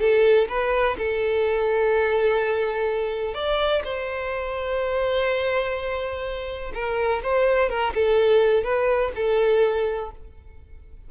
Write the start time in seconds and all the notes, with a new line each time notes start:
0.00 A4
0.49 B4
0.98 A4
3.34 D5
3.84 C5
6.75 A#4
7.23 C5
7.70 A#4
7.95 A4
8.64 B4
9.15 A4